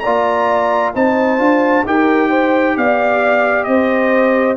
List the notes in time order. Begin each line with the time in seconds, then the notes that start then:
0.00 A#3 F4 D5 A#5
0.94 C4 D#4 C5 A5
1.39 D4 F4
1.86 D#4 G4 A#4 G5
2.30 C5
2.77 B3 D5 F5
3.64 C4 C5 D#5